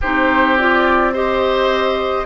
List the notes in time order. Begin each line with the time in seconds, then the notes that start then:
0.01 C4 D#4 G4 C5
0.57 F4 D5
1.13 G4 C5 D#5